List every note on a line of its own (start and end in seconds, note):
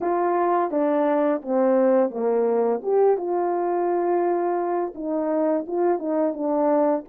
0.01 0.71 F4
0.71 1.41 D4
1.41 2.10 C4
2.10 2.81 A#3
2.82 3.17 G4
3.17 4.93 F4
4.94 5.65 D#4
5.67 5.98 F4
5.98 6.33 D#4
6.33 7.04 D4